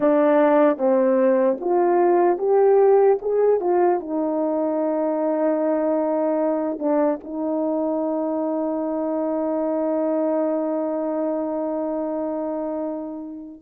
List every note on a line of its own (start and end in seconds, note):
0.00 0.77 D4
0.77 1.57 C4
1.60 2.37 F4
2.37 3.17 G4
3.21 3.60 G#4
3.60 4.00 F4
4.00 6.78 D#4
6.78 7.18 D4
7.23 13.61 D#4